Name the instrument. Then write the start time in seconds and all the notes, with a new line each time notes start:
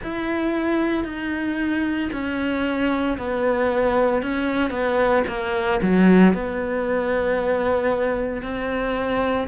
cello
0.02 E4
1.04 D#4
2.12 C#4
3.18 B3
4.22 C#4
4.70 B3
5.27 A#3
5.82 F#3
6.33 B3
8.42 C4